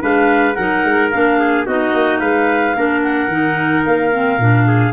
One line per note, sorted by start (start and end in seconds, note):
0.00 0.57 G#3
0.00 0.55 D4
0.00 0.56 B4
0.00 0.55 F5
0.55 0.85 F#3
0.55 1.12 D#4
0.55 1.38 A#4
0.55 1.10 F#5
0.85 1.12 G#3
1.11 1.67 A#3
1.11 1.67 D4
1.11 1.66 F5
1.40 1.67 G#4
1.67 1.94 B3
1.67 2.76 D#4
1.67 2.21 F#4
1.67 2.19 D#5
1.94 2.21 A#3
2.19 2.75 G#3
2.19 2.75 B4
2.19 3.01 F5
2.76 3.28 A#3
2.76 3.30 D4
2.76 4.68 A#4
3.03 3.85 F#5
3.28 3.82 D#3
3.28 4.12 D#4
3.85 4.39 A#3
3.85 4.94 F5
4.12 4.40 C4
4.39 4.93 A#2
4.39 4.94 D4
4.68 4.94 G#4